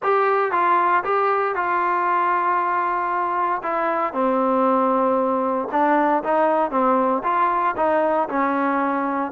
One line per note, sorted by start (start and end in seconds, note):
0.02 0.51 G4
0.51 1.03 F4
1.04 1.55 G4
1.55 3.62 F4
3.63 4.13 E4
4.13 5.68 C4
5.71 6.23 D4
6.23 6.70 D#4
6.70 7.22 C4
7.23 7.75 F4
7.76 8.28 D#4
8.29 9.31 C#4